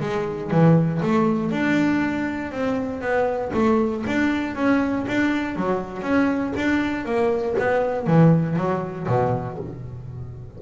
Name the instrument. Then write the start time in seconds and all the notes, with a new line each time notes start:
double bass
0.00 G#3
0.50 E3
1.02 A3
1.51 D4
2.51 C4
3.01 B3
3.53 A3
4.07 D4
4.55 C#4
5.07 D4
5.56 F#3
6.02 C#4
6.56 D4
7.05 A#3
7.58 B3
8.06 E3
8.56 F#3
9.07 B2